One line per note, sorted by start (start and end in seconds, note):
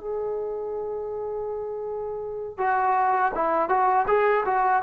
0.00 2.58 G#4
2.58 3.32 F#4
3.35 3.69 E4
3.69 4.06 F#4
4.07 4.44 G#4
4.46 4.83 F#4